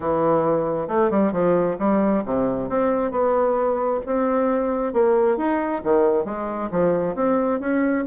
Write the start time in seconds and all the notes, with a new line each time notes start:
0.00 E3
0.88 A3
1.10 G3
1.32 F3
1.78 G3
2.25 C3
2.69 C4
3.11 B3
4.06 C4
4.93 A#3
5.37 D#4
5.83 D#3
6.25 G#3
6.71 F3
7.15 C4
7.60 C#4